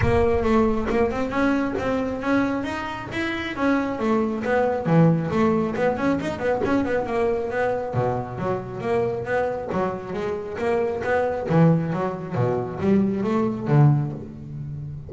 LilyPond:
\new Staff \with { instrumentName = "double bass" } { \time 4/4 \tempo 4 = 136 ais4 a4 ais8 c'8 cis'4 | c'4 cis'4 dis'4 e'4 | cis'4 a4 b4 e4 | a4 b8 cis'8 dis'8 b8 cis'8 b8 |
ais4 b4 b,4 fis4 | ais4 b4 fis4 gis4 | ais4 b4 e4 fis4 | b,4 g4 a4 d4 | }